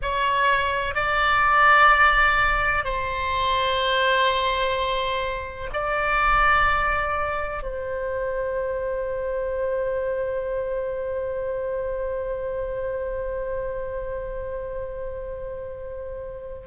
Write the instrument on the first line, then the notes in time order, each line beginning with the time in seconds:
oboe
0.02 C#5
0.94 D5
2.84 C5
5.73 D5
7.62 C5